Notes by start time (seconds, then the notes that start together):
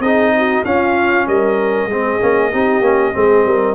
0.00 C4 D#4 G#4 D#5
0.38 F#4
0.65 C#4 F4 F5
1.28 G3 A#4 D#5
1.87 G#3 C4 G#4
2.21 A#3 C#4
2.52 C4 D#4 G4
2.81 A#3 C#4
3.14 G#3 C4 G#4
3.46 G3 A#4